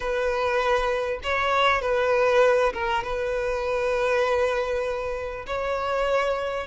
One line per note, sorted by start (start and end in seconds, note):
0.00 1.20 B4
1.23 1.81 C#5
1.81 2.72 B4
2.73 3.03 A#4
3.03 5.46 B4
5.46 6.67 C#5